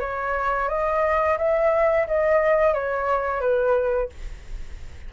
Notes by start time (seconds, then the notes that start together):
0.00 C#5
0.69 D#5
1.38 E5
2.08 D#5
2.74 C#5
3.41 B4